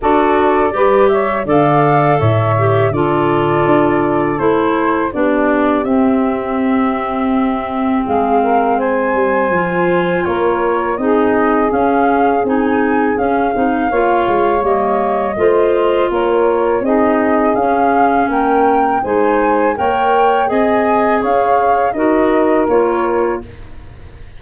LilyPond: <<
  \new Staff \with { instrumentName = "flute" } { \time 4/4 \tempo 4 = 82 d''4. e''8 f''4 e''4 | d''2 c''4 d''4 | e''2. f''4 | gis''2 cis''4 dis''4 |
f''4 gis''4 f''2 | dis''2 cis''4 dis''4 | f''4 g''4 gis''4 g''4 | gis''4 f''4 dis''4 cis''4 | }
  \new Staff \with { instrumentName = "saxophone" } { \time 4/4 a'4 b'8 cis''8 d''4 cis''4 | a'2. g'4~ | g'2. gis'8 ais'8 | c''2 ais'4 gis'4~ |
gis'2. cis''4~ | cis''4 c''4 ais'4 gis'4~ | gis'4 ais'4 c''4 cis''4 | dis''4 cis''4 ais'2 | }
  \new Staff \with { instrumentName = "clarinet" } { \time 4/4 fis'4 g'4 a'4. g'8 | f'2 e'4 d'4 | c'1~ | c'4 f'2 dis'4 |
cis'4 dis'4 cis'8 dis'8 f'4 | ais4 f'2 dis'4 | cis'2 dis'4 ais'4 | gis'2 fis'4 f'4 | }
  \new Staff \with { instrumentName = "tuba" } { \time 4/4 d'4 g4 d4 a,4 | d4 d'4 a4 b4 | c'2. gis4~ | gis8 g8 f4 ais4 c'4 |
cis'4 c'4 cis'8 c'8 ais8 gis8 | g4 a4 ais4 c'4 | cis'4 ais4 gis4 ais4 | c'4 cis'4 dis'4 ais4 | }
>>